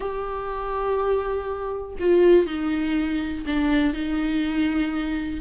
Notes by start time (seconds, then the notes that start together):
0.00 G4
1.99 F4
2.46 D#4
3.46 D4
3.93 D#4